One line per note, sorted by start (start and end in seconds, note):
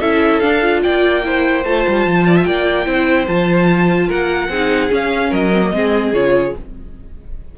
0.00 0.41 C#4
0.00 0.42 E4
0.00 0.82 A4
0.00 0.40 E5
0.40 0.61 D4
0.40 0.85 D4
0.40 0.80 F5
0.61 1.23 F4
0.83 1.65 A#3
0.83 1.24 D5
0.83 1.64 G5
1.23 1.64 E4
1.23 2.27 C5
1.64 1.85 A3
1.64 2.85 F4
1.64 2.44 A5
1.88 2.06 G3
2.06 2.46 F3
2.27 2.36 D5
2.36 2.46 E5
2.44 2.86 A#3
2.44 2.86 D5
2.44 3.25 G5
2.85 3.27 C4
2.85 3.25 E4
2.85 4.07 C5
3.27 4.09 F3
3.27 4.50 F4
3.27 4.09 A5
4.07 4.49 A#3
4.07 4.48 A#4
4.07 4.92 F#5
4.49 4.90 C4
4.49 4.89 D#4
4.49 5.30 G#4
4.89 5.50 C#4
4.89 5.32 C#4
4.89 5.33 F5
5.30 5.72 F#3
5.30 5.70 A#4
5.30 6.14 D#5
5.53 5.62 C4
5.62 5.73 A#3
5.73 6.13 G#3
5.73 6.13 C4
5.73 6.58 G#4
6.13 6.53 C#3
6.13 6.54 F4
6.13 6.55 C#5